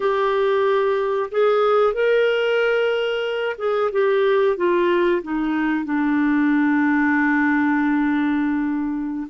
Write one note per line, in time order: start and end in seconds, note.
0.00 1.30 G4
1.31 1.93 G#4
1.93 3.56 A#4
3.58 3.90 G#4
3.92 4.57 G4
4.57 5.22 F4
5.22 5.84 D#4
5.84 9.27 D4